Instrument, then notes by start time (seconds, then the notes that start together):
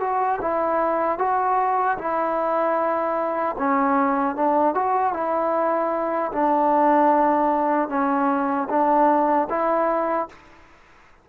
trombone
0.00 F#4
0.41 E4
1.18 F#4
1.98 E4
3.58 C#4
4.35 D4
4.74 F#4
5.13 E4
6.32 D4
7.89 C#4
8.69 D4
9.50 E4